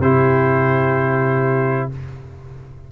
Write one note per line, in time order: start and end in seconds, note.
0.00 1.89 C3
0.00 1.92 E4
0.00 1.91 G4
0.00 1.91 C5